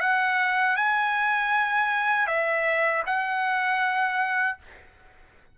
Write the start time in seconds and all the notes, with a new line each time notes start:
0.00 F#5
0.76 G#5
2.27 E5
3.06 F#5